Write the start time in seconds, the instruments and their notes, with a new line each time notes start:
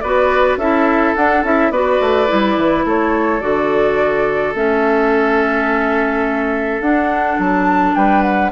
0.00 bassoon B3, clarinet F#4, oboe B4, flute D5
0.57 bassoon C#4, clarinet E4, oboe A4, flute E5
1.15 bassoon D4, clarinet D4, flute F#5
1.43 bassoon C#4, clarinet E4, flute E5
1.70 bassoon B3, clarinet F#4, oboe B4, flute D5
2.00 bassoon A3
2.27 bassoon G3, clarinet E4
2.56 bassoon E3
2.85 bassoon A3, oboe A4, flute C#5
3.40 bassoon D3, clarinet F#4, flute D5
4.54 bassoon A3, clarinet C#4, flute E5
6.80 bassoon D4, clarinet D4, flute F#5
7.38 bassoon F#3, flute A5
7.95 bassoon G3, oboe B4, flute G5
8.22 flute F#5